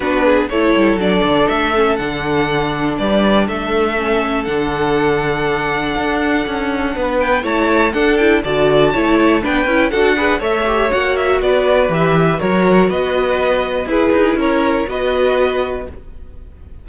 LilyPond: <<
  \new Staff \with { instrumentName = "violin" } { \time 4/4 \tempo 4 = 121 b'4 cis''4 d''4 e''4 | fis''2 d''4 e''4~ | e''4 fis''2.~ | fis''2~ fis''8 g''8 a''4 |
fis''8 g''8 a''2 g''4 | fis''4 e''4 fis''8 e''8 d''4 | e''4 cis''4 dis''2 | b'4 cis''4 dis''2 | }
  \new Staff \with { instrumentName = "violin" } { \time 4/4 fis'8 gis'8 a'2.~ | a'2 b'4 a'4~ | a'1~ | a'2 b'4 cis''4 |
a'4 d''4 cis''4 b'4 | a'8 b'8 cis''2 b'4~ | b'4 ais'4 b'2 | gis'4 ais'4 b'2 | }
  \new Staff \with { instrumentName = "viola" } { \time 4/4 d'4 e'4 d'4. cis'8 | d'1 | cis'4 d'2.~ | d'2. e'4 |
d'8 e'8 fis'4 e'4 d'8 e'8 | fis'8 gis'8 a'8 g'8 fis'2 | g'4 fis'2. | e'2 fis'2 | }
  \new Staff \with { instrumentName = "cello" } { \time 4/4 b4 a8 g8 fis8 d8 a4 | d2 g4 a4~ | a4 d2. | d'4 cis'4 b4 a4 |
d'4 d4 a4 b8 cis'8 | d'4 a4 ais4 b4 | e4 fis4 b2 | e'8 dis'8 cis'4 b2 | }
>>